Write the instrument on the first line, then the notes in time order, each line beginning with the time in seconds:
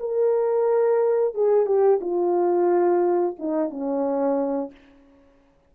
horn
0.00 A#4
1.35 G#4
1.66 G4
2.01 F4
3.39 D#4
3.70 C#4